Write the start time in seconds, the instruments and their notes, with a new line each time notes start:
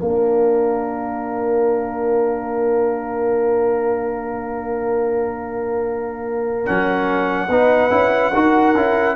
0.00 tuba A#3, trombone D4, horn A#4, trumpet F5
6.65 tuba F#3, trombone C#4, trumpet F#5
7.49 tuba B3, trombone D#4, horn B4
7.90 tuba C#4, trombone E4
8.33 tuba D#4, trombone F#4, horn A#4
8.75 tuba C#4, trombone E4